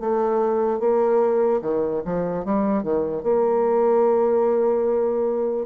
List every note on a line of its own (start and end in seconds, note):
0.00 0.79 A3
0.79 1.60 A#3
1.61 2.02 D#3
2.05 2.45 F3
2.45 2.83 G3
2.83 3.23 D#3
3.23 5.66 A#3